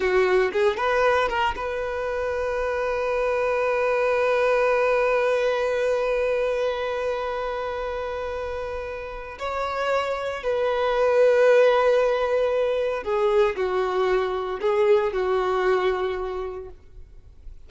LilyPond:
\new Staff \with { instrumentName = "violin" } { \time 4/4 \tempo 4 = 115 fis'4 gis'8 b'4 ais'8 b'4~ | b'1~ | b'1~ | b'1~ |
b'2 cis''2 | b'1~ | b'4 gis'4 fis'2 | gis'4 fis'2. | }